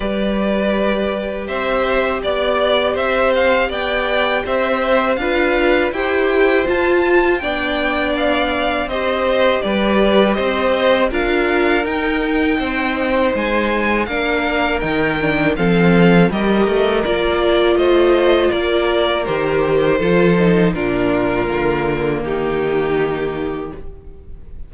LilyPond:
<<
  \new Staff \with { instrumentName = "violin" } { \time 4/4 \tempo 4 = 81 d''2 e''4 d''4 | e''8 f''8 g''4 e''4 f''4 | g''4 a''4 g''4 f''4 | dis''4 d''4 dis''4 f''4 |
g''2 gis''4 f''4 | g''4 f''4 dis''4 d''4 | dis''4 d''4 c''2 | ais'2 g'2 | }
  \new Staff \with { instrumentName = "violin" } { \time 4/4 b'2 c''4 d''4 | c''4 d''4 c''4 b'4 | c''2 d''2 | c''4 b'4 c''4 ais'4~ |
ais'4 c''2 ais'4~ | ais'4 a'4 ais'2 | c''4 ais'2 a'4 | f'2 dis'2 | }
  \new Staff \with { instrumentName = "viola" } { \time 4/4 g'1~ | g'2. f'4 | g'4 f'4 d'2 | g'2. f'4 |
dis'2. d'4 | dis'8 d'8 c'4 g'4 f'4~ | f'2 g'4 f'8 dis'8 | d'4 ais2. | }
  \new Staff \with { instrumentName = "cello" } { \time 4/4 g2 c'4 b4 | c'4 b4 c'4 d'4 | e'4 f'4 b2 | c'4 g4 c'4 d'4 |
dis'4 c'4 gis4 ais4 | dis4 f4 g8 a8 ais4 | a4 ais4 dis4 f4 | ais,4 d4 dis2 | }
>>